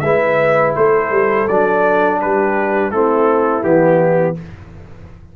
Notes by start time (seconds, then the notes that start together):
0.00 G#3 E4 B4 E5
0.76 A3 A4 C5
1.11 G3
1.48 F#3 D4 D5
2.20 G3 G4 B4
2.91 A3 C4 E4 A4
3.62 E3 B3 G4